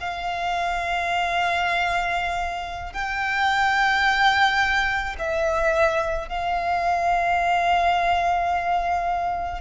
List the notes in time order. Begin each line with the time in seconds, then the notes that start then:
0.00 F5
2.93 G5
5.19 E5
6.28 F5